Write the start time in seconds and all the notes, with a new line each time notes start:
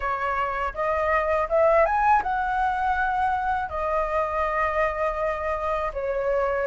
0.00 C#5
0.74 D#5
1.49 E5
1.85 G#5
2.23 F#5
3.69 D#5
5.93 C#5